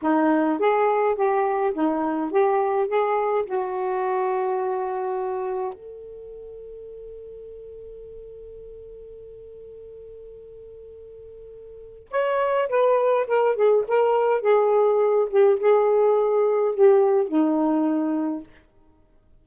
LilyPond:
\new Staff \with { instrumentName = "saxophone" } { \time 4/4 \tempo 4 = 104 dis'4 gis'4 g'4 dis'4 | g'4 gis'4 fis'2~ | fis'2 a'2~ | a'1~ |
a'1~ | a'4 cis''4 b'4 ais'8 gis'8 | ais'4 gis'4. g'8 gis'4~ | gis'4 g'4 dis'2 | }